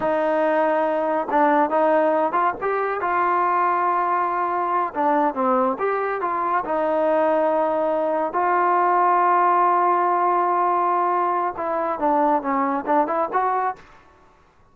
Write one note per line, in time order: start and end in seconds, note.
0.00 1.27 D#4
1.30 1.69 D4
1.69 2.32 D#4
2.32 2.53 F4
2.61 3.00 G4
3.00 4.93 F4
4.94 5.34 D4
5.34 5.77 C4
5.78 6.21 G4
6.21 6.64 F4
6.64 8.33 D#4
8.33 11.54 F4
11.56 11.99 E4
11.99 12.41 D4
12.41 12.84 C#4
12.86 13.07 D4
13.07 13.28 E4
13.32 13.75 F#4